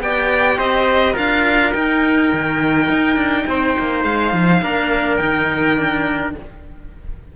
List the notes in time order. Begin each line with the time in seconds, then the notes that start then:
0.00 B3 G4 D5 G5
0.58 C4 C5 D#5
1.13 D4 F4 A#4 F5
1.73 D#4 G5
2.33 D#3
2.89 D#4
3.16 D4
3.47 C4 C5
3.79 A#3
4.04 G#3 F5
4.33 F3
4.62 A#3 D4 A#4
5.17 D#3 D#4 G5
5.78 D4